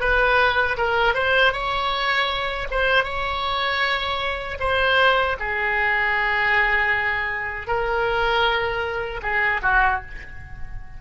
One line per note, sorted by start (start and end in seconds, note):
0.00 0.77 B4
0.77 1.14 A#4
1.14 1.53 C5
1.53 2.68 C#5
2.71 3.04 C5
3.04 4.58 C#5
4.60 5.37 C5
5.40 7.67 G#4
7.67 9.21 A#4
9.22 9.61 G#4
9.63 10.01 F#4